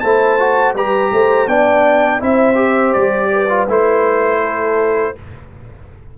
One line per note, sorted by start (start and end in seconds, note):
0.00 0.75 A3
0.00 0.40 E4
0.00 0.76 C5
0.00 0.73 A5
0.40 0.76 F#4
0.75 1.11 G3
0.75 1.49 G4
0.75 1.12 B4
0.75 1.48 A#5
1.12 1.47 A3
1.12 1.49 C5
1.47 2.21 B3
1.47 2.20 D4
1.47 2.21 D5
1.47 2.21 G5
2.20 2.95 C4
2.20 2.55 E4
2.20 3.31 C5
2.20 2.93 E5
2.55 3.47 G4
2.93 3.68 G3
2.93 3.67 D5
3.33 4.42 B4
3.50 3.68 F4
3.68 5.14 A3
3.68 5.16 E4
3.68 5.18 C5
4.42 5.15 A4